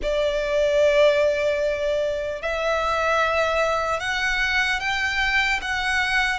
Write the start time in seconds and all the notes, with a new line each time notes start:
0.02 D5
2.42 E5
4.00 F#5
4.80 G5
5.61 F#5